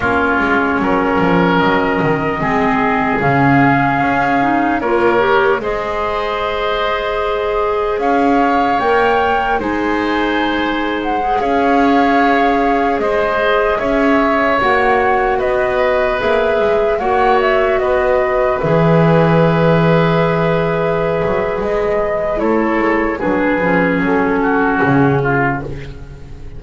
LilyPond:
<<
  \new Staff \with { instrumentName = "flute" } { \time 4/4 \tempo 4 = 75 cis''2 dis''2 | f''2 cis''4 dis''4~ | dis''2 f''4 g''4 | gis''4.~ gis''16 fis''8 f''4.~ f''16~ |
f''16 dis''4 e''4 fis''4 dis''8.~ | dis''16 e''4 fis''8 e''8 dis''4 e''8.~ | e''2. dis''4 | cis''4 b'4 a'4 gis'4 | }
  \new Staff \with { instrumentName = "oboe" } { \time 4/4 f'4 ais'2 gis'4~ | gis'2 ais'4 c''4~ | c''2 cis''2 | c''2~ c''16 cis''4.~ cis''16~ |
cis''16 c''4 cis''2 b'8.~ | b'4~ b'16 cis''4 b'4.~ b'16~ | b'1 | a'4 gis'4. fis'4 f'8 | }
  \new Staff \with { instrumentName = "clarinet" } { \time 4/4 cis'2. c'4 | cis'4. dis'8 f'8 g'8 gis'4~ | gis'2. ais'4 | dis'2 gis'2~ |
gis'2~ gis'16 fis'4.~ fis'16~ | fis'16 gis'4 fis'2 gis'8.~ | gis'1 | e'4 d'8 cis'2~ cis'8 | }
  \new Staff \with { instrumentName = "double bass" } { \time 4/4 ais8 gis8 fis8 f8 fis8 dis8 gis4 | cis4 cis'4 ais4 gis4~ | gis2 cis'4 ais4 | gis2~ gis16 cis'4.~ cis'16~ |
cis'16 gis4 cis'4 ais4 b8.~ | b16 ais8 gis8 ais4 b4 e8.~ | e2~ e8 fis8 gis4 | a8 gis8 fis8 f8 fis4 cis4 | }
>>